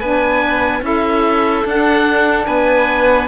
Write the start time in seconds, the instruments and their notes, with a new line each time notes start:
0.00 cello B3, saxophone D4, violin B4, oboe G#5
0.82 cello C#4, saxophone E4, violin A4, oboe E5
1.65 cello D4, saxophone D4, oboe F#5
2.46 cello B3, violin B4, oboe G#5